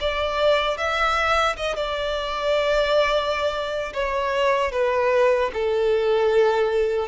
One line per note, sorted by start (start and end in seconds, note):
0.00 0.77 D5
0.77 1.56 E5
1.56 1.75 D#5
1.75 3.93 D5
3.93 4.72 C#5
4.72 5.50 B4
5.53 7.08 A4